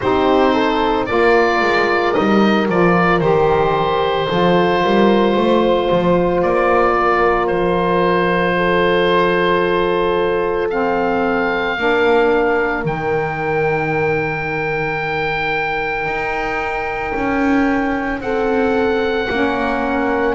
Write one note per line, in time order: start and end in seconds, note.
0.00 1.10 C4
0.00 1.08 D#4
0.00 0.53 G4
0.00 1.06 C5
0.53 1.06 A4
1.06 1.61 A#3
1.06 2.13 F4
1.06 4.28 A#4
1.06 2.13 D5
1.61 2.15 G#3
2.13 2.68 G3
2.13 2.67 D#4
2.13 2.66 D#5
2.68 3.20 F3
2.68 3.20 F4
2.68 3.19 D5
3.19 4.27 D#3
3.19 4.27 G4
3.19 6.41 C5
4.28 4.83 F3
4.28 10.70 F4
4.28 4.81 A4
4.82 5.36 G3
4.82 5.34 A#4
5.34 5.89 A3
5.34 6.95 C5
5.91 6.44 F3
6.42 7.50 A#3
6.42 7.46 D5
6.96 8.56 A#4
7.46 11.77 F3
7.46 10.68 C5
8.56 11.77 A4
10.69 11.77 C4
10.69 12.84 F5
11.77 12.84 A#3
11.77 12.84 D4
11.77 18.23 A#4
12.84 16.05 D#3
12.84 19.27 D#4
12.84 18.21 G5
16.05 17.12 D#4
17.15 18.20 C#4
18.20 19.27 C4
18.20 19.28 A4
18.20 20.34 F#5
19.28 20.34 A#3
19.28 20.34 C#4
19.28 20.34 A#4